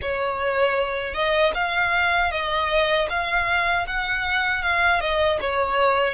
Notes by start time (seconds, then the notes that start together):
0.01 C#5
1.14 D#5
1.54 F5
2.31 D#5
3.09 F5
3.87 F#5
4.62 F5
5.00 D#5
5.41 C#5